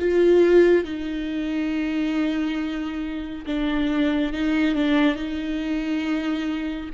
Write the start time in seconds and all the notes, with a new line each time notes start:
0.00 F4
0.85 D#4
3.47 D4
4.33 D#4
4.75 D4
5.16 D#4